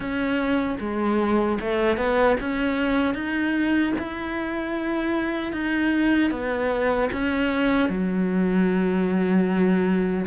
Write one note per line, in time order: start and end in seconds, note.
0.00 0.77 C#4
0.79 1.58 G#3
1.60 1.97 A3
1.97 2.36 B3
2.40 3.14 C#4
3.14 3.93 D#4
3.98 5.52 E4
5.52 6.31 D#4
6.31 7.09 B3
7.12 7.89 C#4
7.89 10.26 F#3